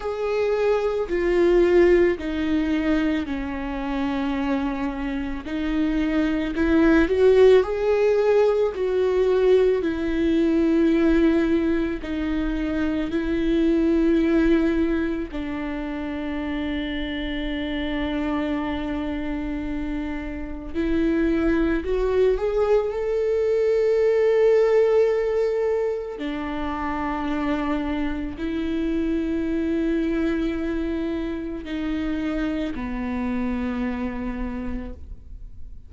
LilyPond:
\new Staff \with { instrumentName = "viola" } { \time 4/4 \tempo 4 = 55 gis'4 f'4 dis'4 cis'4~ | cis'4 dis'4 e'8 fis'8 gis'4 | fis'4 e'2 dis'4 | e'2 d'2~ |
d'2. e'4 | fis'8 gis'8 a'2. | d'2 e'2~ | e'4 dis'4 b2 | }